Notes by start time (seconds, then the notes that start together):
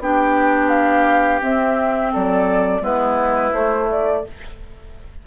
0.00 B3 D4 G4 G5
0.70 F5
1.41 C4 E5
2.12 F#3 A4 D5
2.81 G#3 B3 E4 B4
3.53 A3 C5
3.92 D5